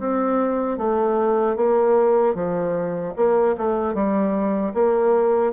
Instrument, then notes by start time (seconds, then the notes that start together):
bassoon
0.00 C4
0.78 A3
1.57 A#3
2.35 F3
3.17 A#3
3.58 A3
3.95 G3
4.74 A#3